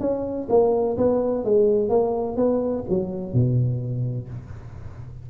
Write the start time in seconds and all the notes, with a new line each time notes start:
0.00 C#4
0.49 A#3
0.97 B3
1.44 G#3
1.89 A#3
2.36 B3
2.89 F#3
3.34 B2